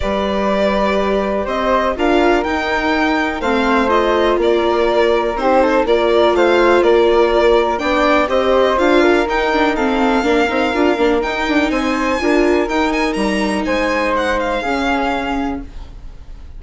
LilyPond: <<
  \new Staff \with { instrumentName = "violin" } { \time 4/4 \tempo 4 = 123 d''2. dis''4 | f''4 g''2 f''4 | dis''4 d''2 c''4 | d''4 f''4 d''2 |
g''4 dis''4 f''4 g''4 | f''2. g''4 | gis''2 g''8 gis''8 ais''4 | gis''4 fis''8 f''2~ f''8 | }
  \new Staff \with { instrumentName = "flute" } { \time 4/4 b'2. c''4 | ais'2. c''4~ | c''4 ais'2 g'8 a'8 | ais'4 c''4 ais'2 |
d''4 c''4. ais'4. | a'4 ais'2. | c''4 ais'2. | c''2 gis'2 | }
  \new Staff \with { instrumentName = "viola" } { \time 4/4 g'1 | f'4 dis'2 c'4 | f'2. dis'4 | f'1 |
d'4 g'4 f'4 dis'8 d'8 | c'4 d'8 dis'8 f'8 d'8 dis'4~ | dis'4 f'4 dis'2~ | dis'2 cis'2 | }
  \new Staff \with { instrumentName = "bassoon" } { \time 4/4 g2. c'4 | d'4 dis'2 a4~ | a4 ais2 c'4 | ais4 a4 ais2 |
b4 c'4 d'4 dis'4~ | dis'4 ais8 c'8 d'8 ais8 dis'8 d'8 | c'4 d'4 dis'4 g4 | gis2 cis2 | }
>>